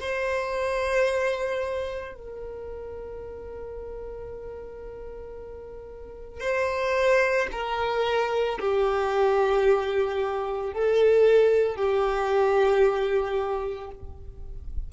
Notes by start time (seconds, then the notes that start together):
0.00 C5
2.15 A#4
6.40 C5
7.52 A#4
8.59 G4
10.73 A4
11.76 G4